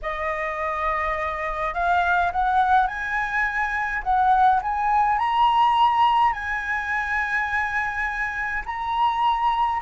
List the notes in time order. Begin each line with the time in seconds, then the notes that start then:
0.02 D#5
1.74 F5
2.32 F#5
2.87 G#5
4.03 F#5
4.62 G#5
5.18 A#5
6.32 G#5
8.65 A#5